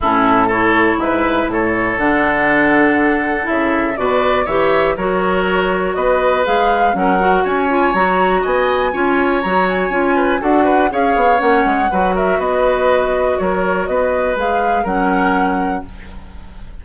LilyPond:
<<
  \new Staff \with { instrumentName = "flute" } { \time 4/4 \tempo 4 = 121 a'4 cis''4 e''4 cis''4 | fis''2. e''4 | d''4 e''4 cis''2 | dis''4 f''4 fis''4 gis''4 |
ais''4 gis''2 ais''8 gis''8~ | gis''4 fis''4 f''4 fis''4~ | fis''8 e''8 dis''2 cis''4 | dis''4 f''4 fis''2 | }
  \new Staff \with { instrumentName = "oboe" } { \time 4/4 e'4 a'4 b'4 a'4~ | a'1 | b'4 cis''4 ais'2 | b'2 ais'4 cis''4~ |
cis''4 dis''4 cis''2~ | cis''8 b'8 a'8 b'8 cis''2 | b'8 ais'8 b'2 ais'4 | b'2 ais'2 | }
  \new Staff \with { instrumentName = "clarinet" } { \time 4/4 cis'4 e'2. | d'2. e'4 | fis'4 g'4 fis'2~ | fis'4 gis'4 cis'8 fis'4 f'8 |
fis'2 f'4 fis'4 | f'4 fis'4 gis'4 cis'4 | fis'1~ | fis'4 gis'4 cis'2 | }
  \new Staff \with { instrumentName = "bassoon" } { \time 4/4 a,2 gis,4 a,4 | d2. cis4 | b,4 e4 fis2 | b4 gis4 fis4 cis'4 |
fis4 b4 cis'4 fis4 | cis'4 d'4 cis'8 b8 ais8 gis8 | fis4 b2 fis4 | b4 gis4 fis2 | }
>>